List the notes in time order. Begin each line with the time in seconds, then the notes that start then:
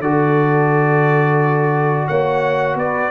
0.00 D3 F#4 A4 D5
2.07 A#3 C#5 F#5
2.75 B3 B4 D5